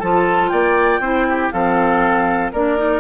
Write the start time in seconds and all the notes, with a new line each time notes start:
0.00 F3 F4 A4 A5
0.49 A#3 D5 G5
1.00 C4 E4 C5
1.30 G4
1.51 F3 C4 A4 F5
2.52 A#3 D4 A#4 D5
2.78 D#4